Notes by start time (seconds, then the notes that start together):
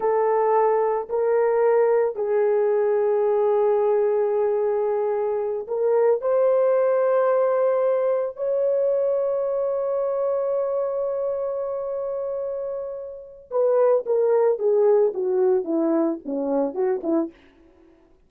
0.00 A4
1.09 A#4
2.15 G#4
5.67 A#4
6.21 C5
8.36 C#5
13.50 B4
14.06 A#4
14.58 G#4
15.14 F#4
15.64 E4
16.25 C#4
16.74 F#4
17.03 E4